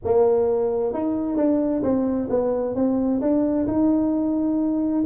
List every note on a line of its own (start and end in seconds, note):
0.04 0.93 A#3
0.93 1.36 D#4
1.36 1.82 D4
1.82 2.28 C4
2.29 2.75 B3
2.75 3.20 C4
3.21 3.66 D4
3.67 5.04 D#4